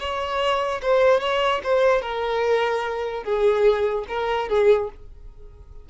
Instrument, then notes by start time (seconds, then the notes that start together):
violin
0.00 C#5
0.83 C5
1.21 C#5
1.64 C5
2.02 A#4
3.24 G#4
4.08 A#4
4.49 G#4